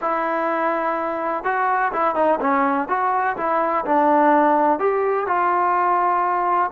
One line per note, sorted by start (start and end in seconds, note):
0.01 1.44 E4
1.44 1.92 F#4
1.92 2.15 E4
2.15 2.39 D#4
2.40 2.88 C#4
2.88 3.36 F#4
3.36 3.84 E4
3.85 4.79 D4
4.79 5.26 G4
5.26 6.70 F4